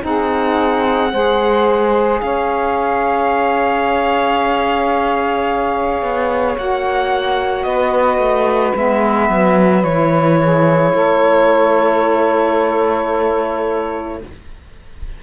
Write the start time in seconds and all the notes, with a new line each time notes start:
0.00 C4 D#4 G#4
0.06 F#5
1.12 G#3 G#4 C5
2.20 C#4 C#5 F5
6.02 B3
6.58 A#3 F#4 F#5
7.63 B3 B4 D#5
8.18 A3
8.75 G#3 B3 E5
9.30 F#3
9.83 E3 E4 C#5
10.41 G#4
10.94 A3 A4